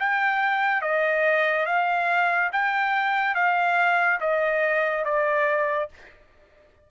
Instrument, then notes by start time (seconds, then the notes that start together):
trumpet
0.00 G5
0.82 D#5
1.66 F5
2.53 G5
3.35 F5
4.21 D#5
5.05 D5